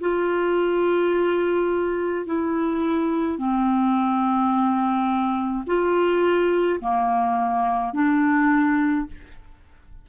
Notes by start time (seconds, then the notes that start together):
0.00 F4
2.25 E4
3.38 C4
5.66 F4
6.80 A#3
7.93 D4